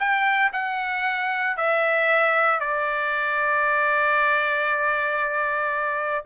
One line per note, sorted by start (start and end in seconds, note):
0.00 0.52 G5
0.53 1.57 F#5
1.57 2.60 E5
2.60 6.26 D5